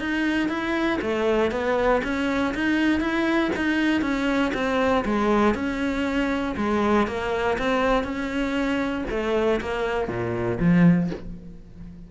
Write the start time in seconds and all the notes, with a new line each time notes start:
0.00 D#4
0.49 E4
1.02 A3
1.52 B3
2.04 C#4
2.55 D#4
3.01 E4
3.56 D#4
4.02 C#4
4.54 C4
5.05 G#3
5.55 C#4
6.57 G#3
7.08 A#3
7.59 C4
8.04 C#4
9.10 A3
9.61 A#3
10.08 A#2
10.60 F3